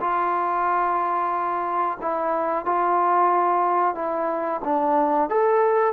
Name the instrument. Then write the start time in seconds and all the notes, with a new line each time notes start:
trombone
0.00 F4
2.01 E4
2.65 F4
3.94 E4
4.64 D4
5.29 A4